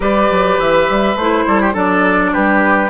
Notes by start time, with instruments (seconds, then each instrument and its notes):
0.00 bassoon G3, clarinet G4, oboe B4, flute D5
0.30 bassoon F#3
0.58 bassoon E3, flute E5
0.89 bassoon G3
1.15 bassoon A3, clarinet E4, flute C5
1.46 bassoon G3, oboe A4
1.61 oboe G4
1.72 bassoon F#3, clarinet D4, oboe A4, flute D5
2.32 bassoon G3, oboe G4, flute B4